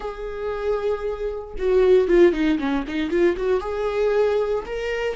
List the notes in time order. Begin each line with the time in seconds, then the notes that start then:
0.00 G#4
1.58 F#4
2.08 F4
2.32 D#4
2.58 C#4
2.87 D#4
3.10 F4
3.36 F#4
3.60 G#4
4.66 A#4